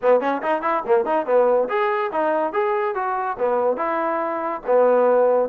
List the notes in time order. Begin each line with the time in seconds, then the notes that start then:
0.01 B3
0.20 C#4
0.42 D#4
0.62 E4
0.86 A#3
1.05 D#4
1.26 B3
1.69 G#4
2.12 D#4
2.52 G#4
2.94 F#4
3.38 B3
3.76 E4
4.66 B3